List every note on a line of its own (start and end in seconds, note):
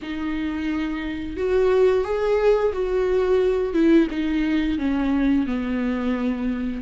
0.02 1.36 D#4
1.36 2.04 F#4
2.04 2.72 G#4
2.73 3.73 F#4
3.73 4.07 E4
4.10 4.78 D#4
4.78 5.46 C#4
5.46 6.82 B3